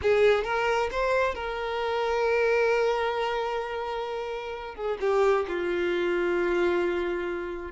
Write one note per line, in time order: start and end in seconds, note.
0.02 0.44 G#4
0.44 0.89 A#4
0.91 1.35 C5
1.35 4.75 A#4
4.75 4.98 G#4
5.00 5.45 G4
5.48 7.71 F4